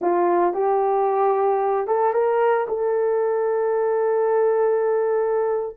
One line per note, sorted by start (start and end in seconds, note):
0.01 0.53 F4
0.53 1.87 G4
1.87 2.13 A4
2.13 2.66 A#4
2.68 5.76 A4